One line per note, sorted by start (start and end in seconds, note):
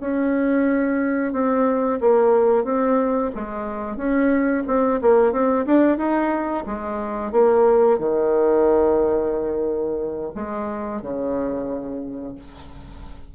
0.00 1.32 C#4
1.32 1.99 C4
2.00 2.64 A#3
2.64 3.31 C4
3.35 3.96 G#3
3.96 4.63 C#4
4.67 5.00 C4
5.01 5.32 A#3
5.32 5.65 C4
5.66 5.97 D4
5.97 6.64 D#4
6.66 7.32 G#3
7.32 7.98 A#3
7.98 10.32 D#3
10.35 11.02 G#3
11.02 12.35 C#3